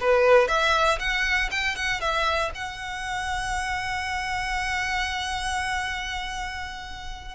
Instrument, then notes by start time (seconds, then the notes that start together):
violin
0.00 B4
0.47 E5
0.99 F#5
1.51 G5
1.75 F#5
2.00 E5
2.54 F#5